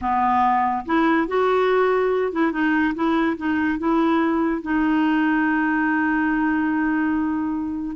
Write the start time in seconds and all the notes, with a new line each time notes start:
0.01 B3
0.85 E4
1.27 F#4
2.32 E4
2.52 D#4
2.94 E4
3.37 D#4
3.78 E4
4.62 D#4